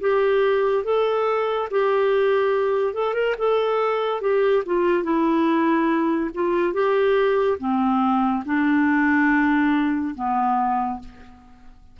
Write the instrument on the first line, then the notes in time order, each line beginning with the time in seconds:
clarinet
0.00 G4
0.84 A4
1.70 G4
2.93 A4
3.14 A#4
3.38 A4
4.21 G4
4.66 F4
5.03 E4
6.34 F4
6.73 G4
7.59 C4
8.45 D4
10.15 B3